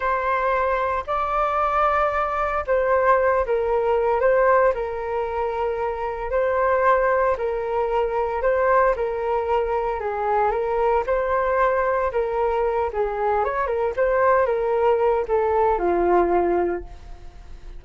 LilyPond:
\new Staff \with { instrumentName = "flute" } { \time 4/4 \tempo 4 = 114 c''2 d''2~ | d''4 c''4. ais'4. | c''4 ais'2. | c''2 ais'2 |
c''4 ais'2 gis'4 | ais'4 c''2 ais'4~ | ais'8 gis'4 cis''8 ais'8 c''4 ais'8~ | ais'4 a'4 f'2 | }